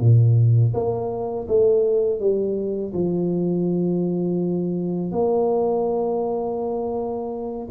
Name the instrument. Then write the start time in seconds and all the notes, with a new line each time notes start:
tuba
0.00 A#2
0.74 A#3
1.48 A3
2.20 G3
2.94 F3
5.12 A#3